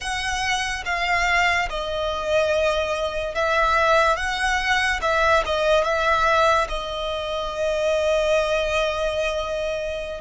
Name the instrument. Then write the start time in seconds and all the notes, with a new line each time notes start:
violin
0.00 F#5
0.85 F5
1.69 D#5
3.34 E5
4.16 F#5
5.01 E5
5.45 D#5
5.84 E5
6.69 D#5